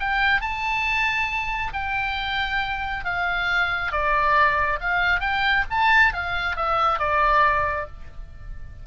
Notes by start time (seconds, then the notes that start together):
0.00 G5
0.41 A5
1.73 G5
3.05 F5
3.92 D5
4.81 F5
5.21 G5
5.70 A5
6.14 F5
6.56 E5
6.99 D5